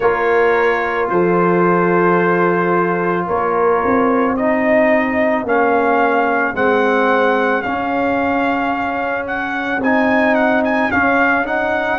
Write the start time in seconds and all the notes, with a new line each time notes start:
0.00 A#3 F4 A#4 C#5
1.09 F3 A4 C5
3.27 A#3 A#4 C#5
3.84 C4
4.35 D#4 G#4 D#5
5.44 A#3 C#4 F5
6.53 G#3 C4 F#5
7.62 C#4 F5
9.26 F#5
9.79 C4 D#4 G#5
10.34 F#5
10.64 G#5
10.91 C#4 F5
11.44 D#4 F#5